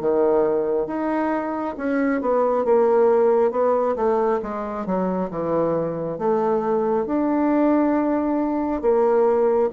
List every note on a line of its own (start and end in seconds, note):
0.00 0.87 D#3
0.87 1.75 D#4
1.76 2.21 C#4
2.21 2.64 B3
2.64 3.51 A#3
3.51 3.95 B3
3.96 4.40 A3
4.42 4.85 G#3
4.85 5.29 F#3
5.30 6.18 E3
6.18 7.05 A3
7.05 8.81 D4
8.81 9.69 A#3